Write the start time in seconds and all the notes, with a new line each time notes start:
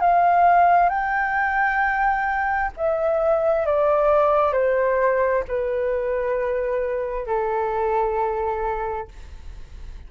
0.00 F5
0.89 G5
2.76 E5
3.66 D5
4.52 C5
5.48 B4
7.26 A4